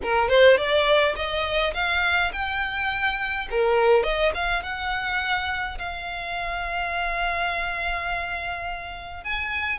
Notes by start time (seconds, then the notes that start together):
0.03 A#4
0.29 C5
0.57 D5
1.15 D#5
1.73 F5
2.32 G5
3.50 A#4
4.03 D#5
4.34 F5
4.62 F#5
5.78 F5
9.24 G#5